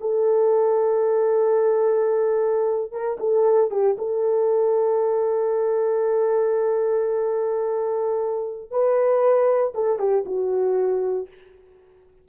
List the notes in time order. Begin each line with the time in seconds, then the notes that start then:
0.00 A4
2.92 A#4
3.19 A4
3.70 G4
3.98 A4
8.70 B4
9.74 A4
9.98 G4
10.25 F#4